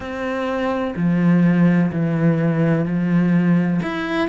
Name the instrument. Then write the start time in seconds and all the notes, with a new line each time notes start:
cello
0.00 C4
0.95 F3
1.91 E3
2.85 F3
3.82 E4